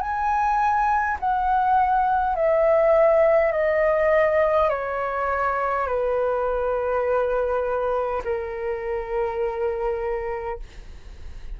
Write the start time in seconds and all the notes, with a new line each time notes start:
0.00 G#5
1.19 F#5
2.35 E5
3.51 D#5
4.69 C#5
5.87 B4
8.24 A#4